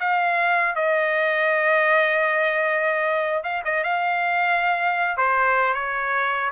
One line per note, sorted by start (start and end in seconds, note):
0.00 0.75 F5
0.75 3.43 D#5
3.43 3.63 F5
3.65 3.84 D#5
3.84 5.17 F5
5.17 5.74 C5
5.74 6.51 C#5